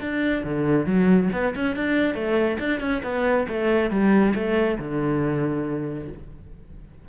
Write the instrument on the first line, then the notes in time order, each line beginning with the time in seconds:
cello
0.00 D4
0.44 D3
0.86 F#3
1.33 B3
1.55 C#4
1.76 D4
2.14 A3
2.59 D4
2.80 C#4
3.03 B3
3.48 A3
3.90 G3
4.35 A3
4.79 D3